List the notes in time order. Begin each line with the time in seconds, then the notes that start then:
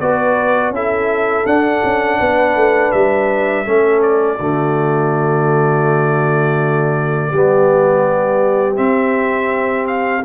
0.00 B3 F#4 B4 D5
0.70 C#4 E4 A4 E5
1.45 D4 F#5
1.83 C#4
2.19 B3 B4
2.55 A3
2.92 G3 E5
3.64 A3 C#4 A4
4.02 D5
4.37 D3 A3 F#4
7.30 G3 B3 G4
8.75 C4 E5
9.87 F5